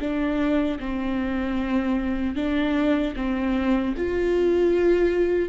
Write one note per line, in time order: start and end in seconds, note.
0.00 0.79 D4
0.80 2.36 C4
2.36 3.15 D4
3.16 3.95 C4
3.97 5.49 F4